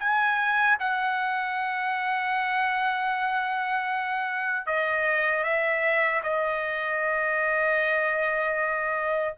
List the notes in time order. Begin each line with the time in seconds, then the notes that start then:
0.00 G#5
0.80 F#5
4.66 D#5
5.44 E5
6.23 D#5